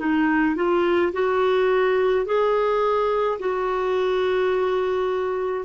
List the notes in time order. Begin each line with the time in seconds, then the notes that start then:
0.00 D#4
0.56 F4
1.13 F#4
2.26 G#4
3.40 F#4